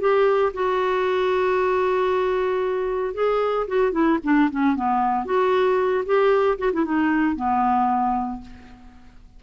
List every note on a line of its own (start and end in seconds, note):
0.00 0.53 G4
0.54 3.14 F#4
3.14 3.67 G#4
3.68 3.92 F#4
3.92 4.18 E4
4.24 4.50 D4
4.51 4.76 C#4
4.76 5.26 B3
5.26 6.05 F#4
6.06 6.58 G4
6.59 6.72 F#4
6.73 6.85 E4
6.85 7.36 D#4
7.36 8.41 B3